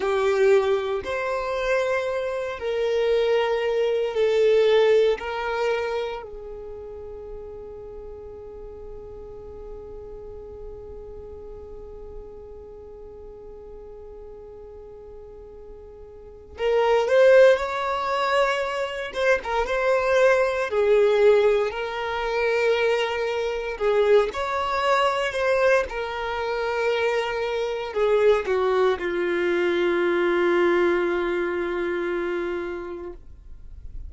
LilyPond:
\new Staff \with { instrumentName = "violin" } { \time 4/4 \tempo 4 = 58 g'4 c''4. ais'4. | a'4 ais'4 gis'2~ | gis'1~ | gis'1 |
ais'8 c''8 cis''4. c''16 ais'16 c''4 | gis'4 ais'2 gis'8 cis''8~ | cis''8 c''8 ais'2 gis'8 fis'8 | f'1 | }